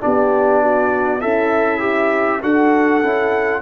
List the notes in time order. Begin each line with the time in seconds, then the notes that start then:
0.00 B3 D4 G4 D5
0.63 F#4
1.21 C#4 E4 A4 E5
1.80 G4
2.42 D4 F#4 A4 F#5
3.02 C#4 E4